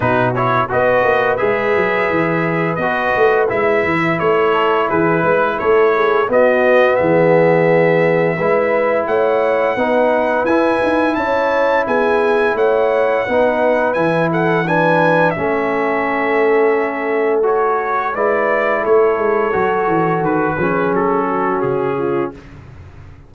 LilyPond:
<<
  \new Staff \with { instrumentName = "trumpet" } { \time 4/4 \tempo 4 = 86 b'8 cis''8 dis''4 e''2 | dis''4 e''4 cis''4 b'4 | cis''4 dis''4 e''2~ | e''4 fis''2 gis''4 |
a''4 gis''4 fis''2 | gis''8 fis''8 gis''4 e''2~ | e''4 cis''4 d''4 cis''4~ | cis''4 b'4 a'4 gis'4 | }
  \new Staff \with { instrumentName = "horn" } { \time 4/4 fis'4 b'2.~ | b'2~ b'8 a'8 gis'8 b'8 | a'8 gis'8 fis'4 gis'2 | b'4 cis''4 b'2 |
cis''4 gis'4 cis''4 b'4~ | b'8 a'8 b'4 a'2~ | a'2 b'4 a'4~ | a'4. gis'4 fis'4 f'8 | }
  \new Staff \with { instrumentName = "trombone" } { \time 4/4 dis'8 e'8 fis'4 gis'2 | fis'4 e'2.~ | e'4 b2. | e'2 dis'4 e'4~ |
e'2. dis'4 | e'4 d'4 cis'2~ | cis'4 fis'4 e'2 | fis'4. cis'2~ cis'8 | }
  \new Staff \with { instrumentName = "tuba" } { \time 4/4 b,4 b8 ais8 gis8 fis8 e4 | b8 a8 gis8 e8 a4 e8 gis8 | a4 b4 e2 | gis4 a4 b4 e'8 dis'8 |
cis'4 b4 a4 b4 | e2 a2~ | a2 gis4 a8 gis8 | fis8 e8 dis8 f8 fis4 cis4 | }
>>